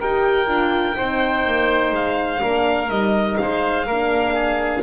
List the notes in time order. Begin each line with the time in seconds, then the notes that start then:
0.00 D#4 G4 A#4 G5
0.47 D4 F4
0.97 C4 D#4 C5
1.46 A#3
1.92 G#3 F5
2.40 A#3 D4 A#4
2.90 G3 D#4 D#5
3.37 G#3 C5 F5
3.87 A#3 D4 A#4
4.34 G#4